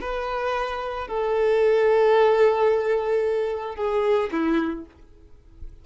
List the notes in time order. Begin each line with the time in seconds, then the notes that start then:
0.00 B4
1.07 A4
3.75 G#4
4.31 E4